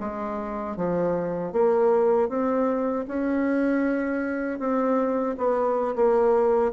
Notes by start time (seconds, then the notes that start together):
0.00 G#3
0.76 F3
1.52 A#3
2.29 C4
3.08 C#4
4.59 C4
5.37 B3
5.95 A#3